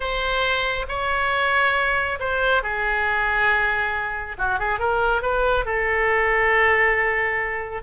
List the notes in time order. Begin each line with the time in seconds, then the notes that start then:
0.00 C5
0.88 C#5
2.19 C5
2.63 G#4
4.38 F#4
4.59 G#4
4.79 A#4
5.22 B4
5.65 A4